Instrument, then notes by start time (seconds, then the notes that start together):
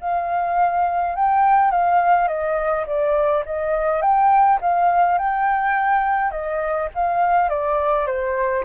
flute
0.00 F5
1.15 G5
1.71 F5
2.28 D#5
2.86 D5
3.45 D#5
4.01 G5
4.61 F5
5.18 G5
6.31 D#5
6.94 F5
7.49 D5
8.06 C5